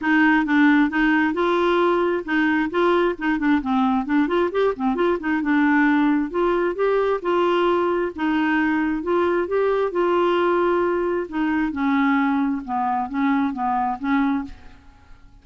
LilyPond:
\new Staff \with { instrumentName = "clarinet" } { \time 4/4 \tempo 4 = 133 dis'4 d'4 dis'4 f'4~ | f'4 dis'4 f'4 dis'8 d'8 | c'4 d'8 f'8 g'8 c'8 f'8 dis'8 | d'2 f'4 g'4 |
f'2 dis'2 | f'4 g'4 f'2~ | f'4 dis'4 cis'2 | b4 cis'4 b4 cis'4 | }